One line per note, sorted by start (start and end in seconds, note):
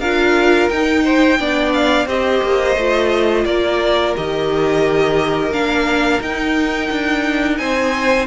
0.00 0.69 D4
0.00 0.72 F4
0.00 1.03 A#4
0.00 0.69 F5
0.69 1.39 D#4
0.69 1.73 G5
1.05 1.39 C5
1.39 2.07 B3
1.39 2.08 D4
1.39 2.07 D5
1.74 2.08 F5
2.07 2.41 C4
2.07 2.77 G4
2.07 3.45 C5
2.07 3.46 D#5
2.43 2.76 A#3
2.76 3.45 A3
2.76 4.16 F4
3.46 4.15 A#3
3.46 7.59 A#4
3.46 4.15 D5
4.16 5.51 D#3
4.16 5.53 G4
4.16 5.53 D#5
5.51 6.20 A#3
5.51 6.22 D4
5.51 6.22 F5
6.22 6.91 D#4
6.22 8.28 D#4
6.22 7.58 G5
6.91 7.60 D4
7.58 8.28 C4
7.58 8.28 C5
7.58 8.27 G#5